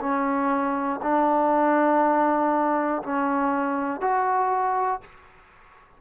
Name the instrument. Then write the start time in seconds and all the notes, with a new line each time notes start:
trombone
0.00 C#4
1.02 D4
3.02 C#4
4.00 F#4